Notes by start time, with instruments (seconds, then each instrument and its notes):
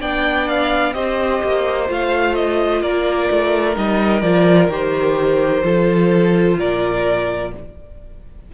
0.00 cello B3, viola D4, violin D5 G5
0.48 violin F5
0.93 cello C4, viola G4, violin C5 D#5
1.42 cello A#3
1.87 cello A3, viola F4, violin F5
2.35 violin D#5
2.81 cello A#3, violin A#4 D5
3.30 cello A3
3.74 cello G3, viola D#4, violin D#5
4.21 cello F3, viola F4, violin D5
4.68 cello D#3, viola G4, violin C5
5.63 cello F3, viola F4, violin A4
6.58 cello A#2, violin A#4 D5